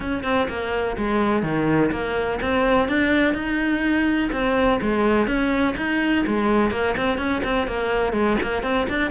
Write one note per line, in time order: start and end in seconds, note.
0.00 0.23 C#4
0.23 0.47 C4
0.48 0.96 A#3
0.97 1.42 G#3
1.42 1.90 D#3
1.91 2.39 A#3
2.41 2.88 C4
2.88 3.34 D4
3.34 4.30 D#4
4.32 4.80 C4
4.81 5.27 G#3
5.27 5.75 C#4
5.76 6.24 D#4
6.26 6.71 G#3
6.71 6.95 A#3
6.96 7.18 C4
7.18 7.42 C#4
7.44 7.67 C4
7.67 8.13 A#3
8.13 8.37 G#3
8.42 8.62 A#3
8.62 8.86 C4
8.89 9.11 D4